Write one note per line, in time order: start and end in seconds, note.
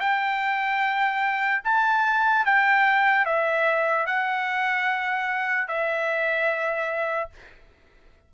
0.00 1.62 G5
1.64 2.45 A5
2.45 3.25 G5
3.25 4.06 E5
4.06 5.68 F#5
5.68 7.30 E5